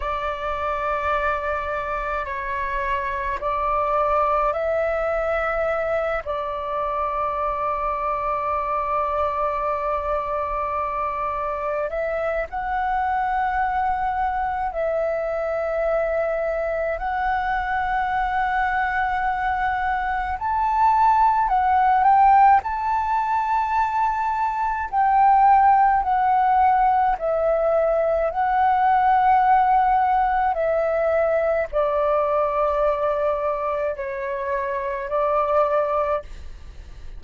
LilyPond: \new Staff \with { instrumentName = "flute" } { \time 4/4 \tempo 4 = 53 d''2 cis''4 d''4 | e''4. d''2~ d''8~ | d''2~ d''8 e''8 fis''4~ | fis''4 e''2 fis''4~ |
fis''2 a''4 fis''8 g''8 | a''2 g''4 fis''4 | e''4 fis''2 e''4 | d''2 cis''4 d''4 | }